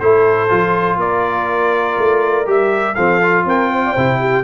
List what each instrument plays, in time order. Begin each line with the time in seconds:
0.00 tuba A3, trombone E4, horn A4, trumpet C5
0.49 tuba F3, trombone F4
0.97 tuba A#3, horn A#4, trumpet D5
1.98 tuba A3
2.46 tuba G3, trombone G4, trumpet E5
2.95 tuba F3, trombone C4, horn A4, trumpet F5
3.23 trombone F4
3.46 tuba C4, horn A#4, trumpet G5
3.71 horn C5
3.86 horn D5
3.93 tuba C3, trombone E4, horn C5
4.20 horn G4